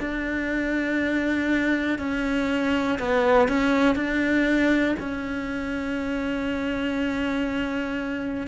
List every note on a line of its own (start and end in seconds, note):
0.00 1.99 D4
1.99 2.99 C#4
2.99 3.49 B3
3.49 3.96 C#4
3.96 4.96 D4
5.00 8.48 C#4